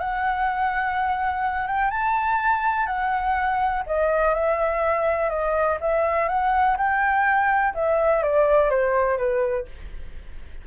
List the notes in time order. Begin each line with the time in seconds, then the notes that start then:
0.00 F#5
1.68 G5
1.91 A5
2.87 F#5
3.87 D#5
4.35 E5
5.30 D#5
5.82 E5
6.29 F#5
6.78 G5
7.75 E5
8.23 D5
8.70 C5
9.18 B4